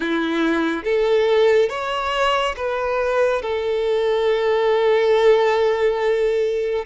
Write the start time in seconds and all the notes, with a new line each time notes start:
0.00 E4
0.84 A4
1.69 C#5
2.56 B4
3.42 A4